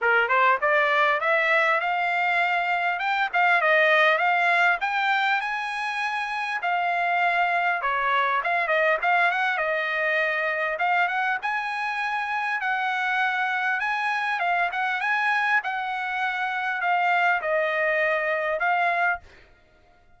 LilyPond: \new Staff \with { instrumentName = "trumpet" } { \time 4/4 \tempo 4 = 100 ais'8 c''8 d''4 e''4 f''4~ | f''4 g''8 f''8 dis''4 f''4 | g''4 gis''2 f''4~ | f''4 cis''4 f''8 dis''8 f''8 fis''8 |
dis''2 f''8 fis''8 gis''4~ | gis''4 fis''2 gis''4 | f''8 fis''8 gis''4 fis''2 | f''4 dis''2 f''4 | }